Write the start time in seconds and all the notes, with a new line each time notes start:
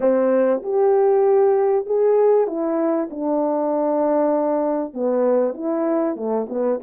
0.00 C4
0.62 G4
1.86 G#4
2.47 E4
3.10 D4
4.93 B3
5.54 E4
6.15 A3
6.49 B3